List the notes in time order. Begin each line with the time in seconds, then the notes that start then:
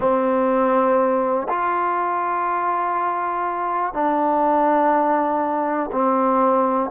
0.00 C4
1.48 F4
3.93 D4
5.92 C4